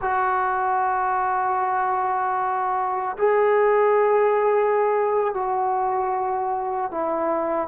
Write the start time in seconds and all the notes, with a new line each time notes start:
0.01 F#4
3.18 G#4
5.34 F#4
6.91 E4